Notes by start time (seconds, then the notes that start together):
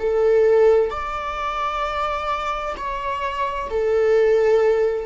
0.00 A4
0.91 D5
2.77 C#5
3.70 A4